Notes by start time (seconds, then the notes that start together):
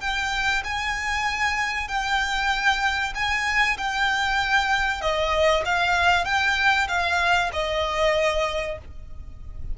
0.00 G5
0.64 G#5
1.88 G5
3.14 G#5
3.77 G5
5.01 D#5
5.65 F5
6.25 G5
6.88 F5
7.53 D#5